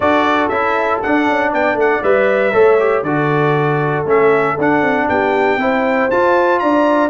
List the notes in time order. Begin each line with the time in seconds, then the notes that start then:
0.00 D4 F#4 A4 D5
0.48 C#4 E4 E5
1.02 D4 F#5
1.29 C#4
1.49 B3 D5 G5
1.73 A3
1.80 F#5
2.03 G3 B4 E5
2.52 A3 A4 C#5
2.79 G4
3.02 D3 F#4 A4 D5
4.05 A3 C#4 E5
4.58 D4 F#5
4.81 C4
5.08 B3 G4 G5
5.57 C4 E4 C5
6.10 F4 A5
6.59 D4 D5 A#5